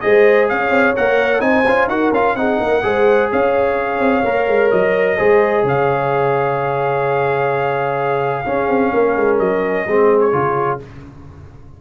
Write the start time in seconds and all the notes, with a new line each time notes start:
0.00 G#3 G#4 C5 D#5
0.48 C#4 C#5 F5
0.70 C4
0.95 A#3 A#4 F#5
1.39 C4 D#4 C5 G#5
1.65 C#4 F4
1.87 D#4 F#4 A#4 F#5
2.11 C#4 F4 F5
2.35 C4 D#4 G#4 F#5
2.59 A#3 A#4
2.82 G#3 G#4 C5
3.31 C#4 C#5 F5
3.99 C4
4.24 A#3 A#4
4.47 G#3
4.71 F#3 D#5
5.17 G#3 G#4 C5
5.63 C#3 C#5 F5
8.45 C#4 G#4
8.67 C4
8.92 A#3 A#4
9.16 G#3
9.39 F#3 D#5
9.87 G#3 C4 G#4
10.19 C#5
10.32 C#3 F4